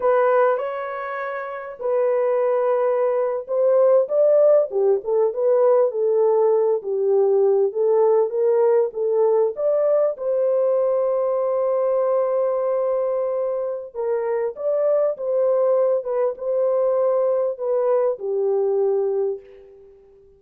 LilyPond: \new Staff \with { instrumentName = "horn" } { \time 4/4 \tempo 4 = 99 b'4 cis''2 b'4~ | b'4.~ b'16 c''4 d''4 g'16~ | g'16 a'8 b'4 a'4. g'8.~ | g'8. a'4 ais'4 a'4 d''16~ |
d''8. c''2.~ c''16~ | c''2. ais'4 | d''4 c''4. b'8 c''4~ | c''4 b'4 g'2 | }